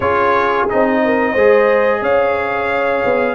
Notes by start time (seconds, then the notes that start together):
0.00 C#4 F4 G#4 C#5
0.69 C4 D#4 D#5
1.04 A#4
1.31 G#3 G#4 C5
2.01 C#4 C#5 F5
3.04 B3